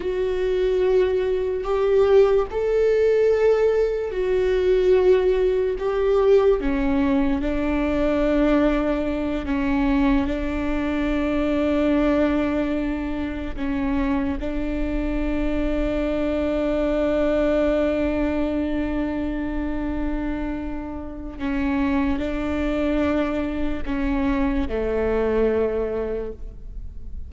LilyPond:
\new Staff \with { instrumentName = "viola" } { \time 4/4 \tempo 4 = 73 fis'2 g'4 a'4~ | a'4 fis'2 g'4 | cis'4 d'2~ d'8 cis'8~ | cis'8 d'2.~ d'8~ |
d'8 cis'4 d'2~ d'8~ | d'1~ | d'2 cis'4 d'4~ | d'4 cis'4 a2 | }